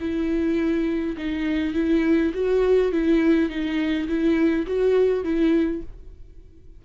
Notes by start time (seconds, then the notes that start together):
0.00 E4
1.17 D#4
1.74 E4
2.34 F#4
2.92 E4
3.50 D#4
4.08 E4
4.66 F#4
5.24 E4